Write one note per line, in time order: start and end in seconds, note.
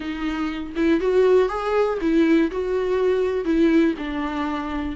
0.00 0.73 D#4
0.76 1.00 E4
1.00 1.49 F#4
1.49 1.98 G#4
2.01 2.50 E4
2.51 3.44 F#4
3.44 3.94 E4
3.98 4.96 D4